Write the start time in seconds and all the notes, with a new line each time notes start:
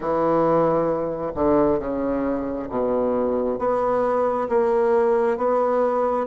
0.00 E3
1.34 D3
1.79 C#3
2.69 B2
3.58 B3
4.49 A#3
5.37 B3